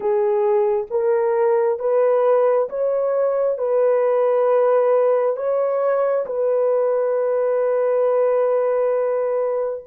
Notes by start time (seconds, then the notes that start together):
0.00 G#4
0.90 A#4
1.79 B4
2.69 C#5
3.58 B4
5.36 C#5
6.26 B4